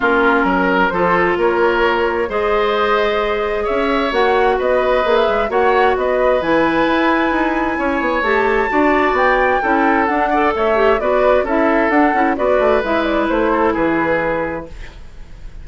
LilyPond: <<
  \new Staff \with { instrumentName = "flute" } { \time 4/4 \tempo 4 = 131 ais'2 c''4 cis''4~ | cis''4 dis''2. | e''4 fis''4 dis''4~ dis''16 e''8. | fis''4 dis''4 gis''2~ |
gis''2 a''2 | g''2 fis''4 e''4 | d''4 e''4 fis''4 d''4 | e''8 d''8 c''4 b'2 | }
  \new Staff \with { instrumentName = "oboe" } { \time 4/4 f'4 ais'4 a'4 ais'4~ | ais'4 c''2. | cis''2 b'2 | cis''4 b'2.~ |
b'4 cis''2 d''4~ | d''4 a'4. d''8 cis''4 | b'4 a'2 b'4~ | b'4. a'8 gis'2 | }
  \new Staff \with { instrumentName = "clarinet" } { \time 4/4 cis'2 f'2~ | f'4 gis'2.~ | gis'4 fis'2 gis'4 | fis'2 e'2~ |
e'2 g'4 fis'4~ | fis'4 e'4 d'8 a'4 g'8 | fis'4 e'4 d'8 e'8 fis'4 | e'1 | }
  \new Staff \with { instrumentName = "bassoon" } { \time 4/4 ais4 fis4 f4 ais4~ | ais4 gis2. | cis'4 ais4 b4 ais8 gis8 | ais4 b4 e4 e'4 |
dis'4 cis'8 b8 a4 d'4 | b4 cis'4 d'4 a4 | b4 cis'4 d'8 cis'8 b8 a8 | gis4 a4 e2 | }
>>